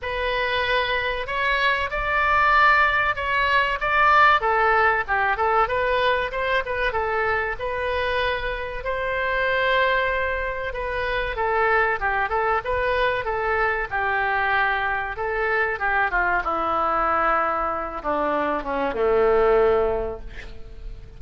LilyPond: \new Staff \with { instrumentName = "oboe" } { \time 4/4 \tempo 4 = 95 b'2 cis''4 d''4~ | d''4 cis''4 d''4 a'4 | g'8 a'8 b'4 c''8 b'8 a'4 | b'2 c''2~ |
c''4 b'4 a'4 g'8 a'8 | b'4 a'4 g'2 | a'4 g'8 f'8 e'2~ | e'8 d'4 cis'8 a2 | }